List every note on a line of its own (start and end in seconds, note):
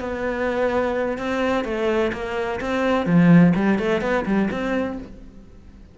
0.00 1.18 B3
1.18 1.64 C4
1.64 2.11 A3
2.13 2.60 A#3
2.60 3.06 C4
3.06 3.53 F3
3.55 3.79 G3
3.79 4.01 A3
4.01 4.25 B3
4.25 4.49 G3
4.51 4.98 C4